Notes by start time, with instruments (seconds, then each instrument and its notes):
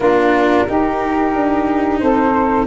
0.00 tuba A#3, cello D4, saxophone F4, flute A#4
0.67 cello D#4, tuba D#4, saxophone G4
1.35 tuba D4
1.99 tuba C4, saxophone A4, flute C5